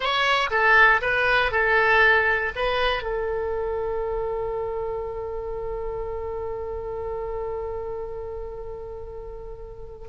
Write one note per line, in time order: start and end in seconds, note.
0.00 0.50 C#5
0.50 1.00 A4
1.01 1.51 B4
1.51 2.52 A4
2.55 3.02 B4
3.02 10.08 A4